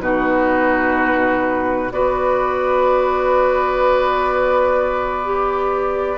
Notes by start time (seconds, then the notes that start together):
0.00 B2 D#4 F#4 B4
1.92 B3 F#4 B4 D5
5.25 G4